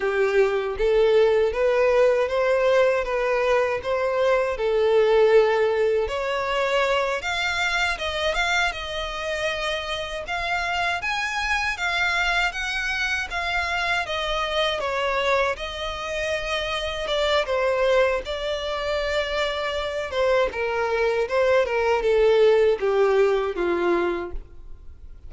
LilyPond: \new Staff \with { instrumentName = "violin" } { \time 4/4 \tempo 4 = 79 g'4 a'4 b'4 c''4 | b'4 c''4 a'2 | cis''4. f''4 dis''8 f''8 dis''8~ | dis''4. f''4 gis''4 f''8~ |
f''8 fis''4 f''4 dis''4 cis''8~ | cis''8 dis''2 d''8 c''4 | d''2~ d''8 c''8 ais'4 | c''8 ais'8 a'4 g'4 f'4 | }